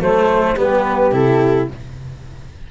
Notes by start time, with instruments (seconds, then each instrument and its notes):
0.00 tuba F#3, cello A3, saxophone A4, flute C5
0.56 tuba G3, cello B3, saxophone G4, flute B4
1.12 tuba C3, cello E4, flute A4